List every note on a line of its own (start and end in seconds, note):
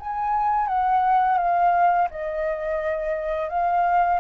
0.00 0.68 G#5
0.68 1.38 F#5
1.38 2.08 F5
2.11 3.49 D#5
3.49 4.20 F5